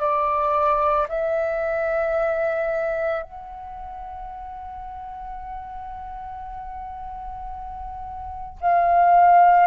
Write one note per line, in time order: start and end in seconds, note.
0.00 1.07 D5
1.09 3.23 E5
3.23 8.59 F#5
8.61 9.67 F5